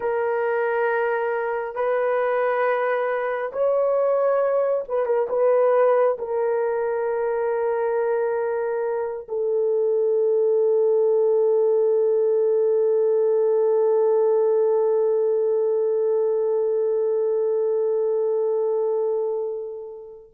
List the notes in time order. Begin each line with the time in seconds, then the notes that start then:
0.00 A#4
1.74 B4
3.52 C#5
4.88 B4
5.05 A#4
5.29 B4
6.18 A#4
9.28 A4